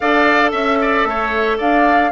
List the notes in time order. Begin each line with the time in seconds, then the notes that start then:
0.00 D4 A4 D5 F5
0.51 C#4 E5
0.81 D5
1.04 A3 C#5
1.57 D4 D5 F5